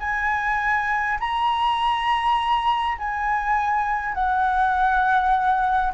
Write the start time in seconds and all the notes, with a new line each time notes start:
0.00 G#5
1.20 A#5
2.98 G#5
4.14 F#5